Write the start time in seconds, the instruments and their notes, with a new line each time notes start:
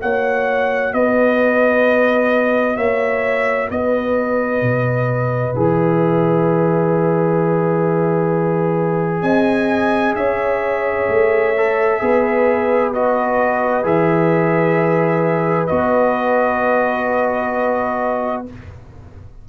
0.00 tuba A#3, trombone F#4, horn C#5, trumpet F#5
0.93 tuba B3, horn B4, trumpet D#5
2.77 tuba A#3, horn C#5, trumpet E5
3.71 tuba B3, horn B4, trumpet D#5
4.62 tuba B2
5.55 tuba E3, trombone G#4, trumpet E5
9.22 tuba C4, horn D#5, trumpet G#5
10.15 tuba C#4, horn C#5, trumpet E5
11.08 tuba A3
11.57 trombone A4
12.01 tuba B3, trombone G#4, horn B4
12.93 trombone F#4, trumpet D#5
13.84 tuba E3, trombone G#4, trumpet E5
15.67 tuba B3, trombone F#4, trumpet D#5